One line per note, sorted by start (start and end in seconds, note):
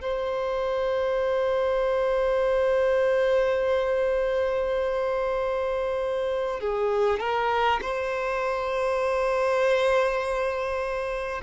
0.00 6.60 C5
6.60 7.19 G#4
7.19 7.79 A#4
7.81 11.41 C5